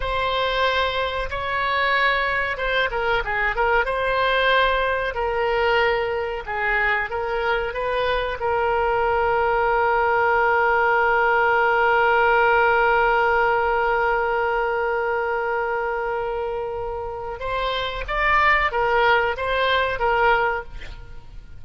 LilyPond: \new Staff \with { instrumentName = "oboe" } { \time 4/4 \tempo 4 = 93 c''2 cis''2 | c''8 ais'8 gis'8 ais'8 c''2 | ais'2 gis'4 ais'4 | b'4 ais'2.~ |
ais'1~ | ais'1~ | ais'2. c''4 | d''4 ais'4 c''4 ais'4 | }